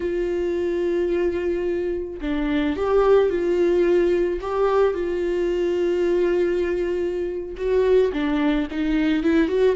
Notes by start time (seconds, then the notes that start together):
0.00 F4
2.21 D4
2.76 G4
3.29 F4
4.40 G4
4.94 F4
7.57 F#4
8.12 D4
8.70 D#4
9.23 E4
9.48 F#4